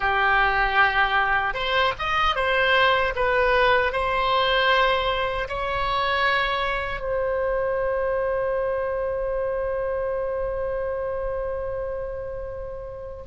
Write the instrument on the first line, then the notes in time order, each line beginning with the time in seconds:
oboe
0.00 G4
1.54 C5
1.98 D#5
2.36 C5
3.15 B4
3.92 C5
5.48 C#5
7.00 C5